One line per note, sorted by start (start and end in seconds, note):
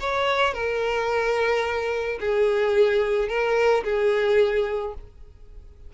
0.00 0.53 C#5
0.53 2.18 A#4
2.20 3.28 G#4
3.28 3.83 A#4
3.84 4.94 G#4